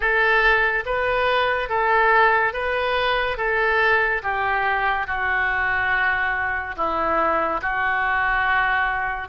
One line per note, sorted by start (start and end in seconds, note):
0.00 0.84 A4
0.85 1.69 B4
1.69 2.53 A4
2.53 3.37 B4
3.37 4.21 A4
4.23 5.06 G4
5.06 6.75 F#4
6.76 7.61 E4
7.61 9.28 F#4